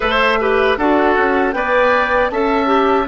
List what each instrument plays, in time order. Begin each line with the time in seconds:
0.00 bassoon A3, clarinet A4, oboe C5, flute E5
0.40 clarinet G4, oboe B4
0.77 bassoon D4, clarinet F#4, oboe A4, flute F#5
1.17 bassoon C#4
1.52 bassoon B3, clarinet B4, oboe D5, flute G5
2.29 bassoon C#4, clarinet A4, oboe E5, flute A5
2.66 clarinet G4